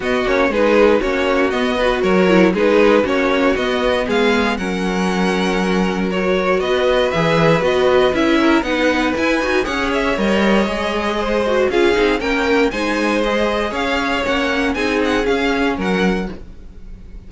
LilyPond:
<<
  \new Staff \with { instrumentName = "violin" } { \time 4/4 \tempo 4 = 118 dis''8 cis''8 b'4 cis''4 dis''4 | cis''4 b'4 cis''4 dis''4 | f''4 fis''2. | cis''4 dis''4 e''4 dis''4 |
e''4 fis''4 gis''4 fis''8 e''8 | dis''2. f''4 | g''4 gis''4 dis''4 f''4 | fis''4 gis''8 fis''8 f''4 fis''4 | }
  \new Staff \with { instrumentName = "violin" } { \time 4/4 fis'4 gis'4 fis'4. b'8 | ais'4 gis'4 fis'2 | gis'4 ais'2.~ | ais'4 b'2.~ |
b'8 ais'8 b'2 cis''4~ | cis''2 c''4 gis'4 | ais'4 c''2 cis''4~ | cis''4 gis'2 ais'4 | }
  \new Staff \with { instrumentName = "viola" } { \time 4/4 b8 cis'8 dis'4 cis'4 b8 fis'8~ | fis'8 e'8 dis'4 cis'4 b4~ | b4 cis'2. | fis'2 gis'4 fis'4 |
e'4 dis'4 e'8 fis'8 gis'4 | ais'4 gis'4. fis'8 f'8 dis'8 | cis'4 dis'4 gis'2 | cis'4 dis'4 cis'2 | }
  \new Staff \with { instrumentName = "cello" } { \time 4/4 b8 ais8 gis4 ais4 b4 | fis4 gis4 ais4 b4 | gis4 fis2.~ | fis4 b4 e4 b4 |
cis'4 b4 e'8 dis'8 cis'4 | g4 gis2 cis'8 c'8 | ais4 gis2 cis'4 | ais4 c'4 cis'4 fis4 | }
>>